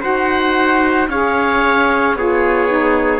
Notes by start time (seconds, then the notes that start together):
0.00 D#4 F#4 C5 F#5
1.08 C#4 G#4 C#5 F5
2.15 B3 F4 G#4 C#5
2.67 D#4